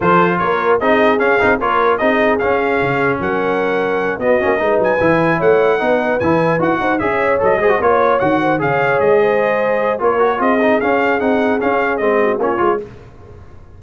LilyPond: <<
  \new Staff \with { instrumentName = "trumpet" } { \time 4/4 \tempo 4 = 150 c''4 cis''4 dis''4 f''4 | cis''4 dis''4 f''2 | fis''2~ fis''8 dis''4. | gis''4. fis''2 gis''8~ |
gis''8 fis''4 e''4 dis''4 cis''8~ | cis''8 fis''4 f''4 dis''4.~ | dis''4 cis''4 dis''4 f''4 | fis''4 f''4 dis''4 cis''4 | }
  \new Staff \with { instrumentName = "horn" } { \time 4/4 a'4 ais'4 gis'2 | ais'4 gis'2. | ais'2~ ais'8 fis'4 b'8~ | b'4. cis''4 b'4.~ |
b'4 c''8 cis''4. c''8 cis''8~ | cis''4 c''8 cis''4. c''4~ | c''4 ais'4 gis'2~ | gis'2~ gis'8 fis'8 f'4 | }
  \new Staff \with { instrumentName = "trombone" } { \time 4/4 f'2 dis'4 cis'8 dis'8 | f'4 dis'4 cis'2~ | cis'2~ cis'8 b8 cis'8 dis'8~ | dis'8 e'2 dis'4 e'8~ |
e'8 fis'4 gis'4 a'8 gis'16 fis'16 f'8~ | f'8 fis'4 gis'2~ gis'8~ | gis'4 f'8 fis'8 f'8 dis'8 cis'4 | dis'4 cis'4 c'4 cis'8 f'8 | }
  \new Staff \with { instrumentName = "tuba" } { \time 4/4 f4 ais4 c'4 cis'8 c'8 | ais4 c'4 cis'4 cis4 | fis2~ fis8 b8 ais8 gis8 | fis8 e4 a4 b4 e8~ |
e8 e'8 dis'8 cis'4 fis8 gis8 ais8~ | ais8 dis4 cis4 gis4.~ | gis4 ais4 c'4 cis'4 | c'4 cis'4 gis4 ais8 gis8 | }
>>